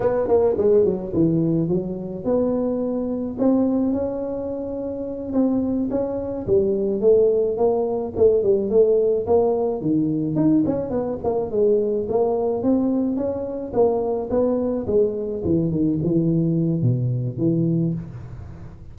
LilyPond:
\new Staff \with { instrumentName = "tuba" } { \time 4/4 \tempo 4 = 107 b8 ais8 gis8 fis8 e4 fis4 | b2 c'4 cis'4~ | cis'4. c'4 cis'4 g8~ | g8 a4 ais4 a8 g8 a8~ |
a8 ais4 dis4 dis'8 cis'8 b8 | ais8 gis4 ais4 c'4 cis'8~ | cis'8 ais4 b4 gis4 e8 | dis8 e4. b,4 e4 | }